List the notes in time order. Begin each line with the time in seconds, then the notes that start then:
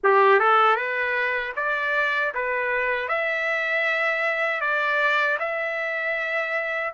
0.03 G4
0.39 A4
0.76 B4
1.56 D5
2.34 B4
3.08 E5
4.60 D5
5.39 E5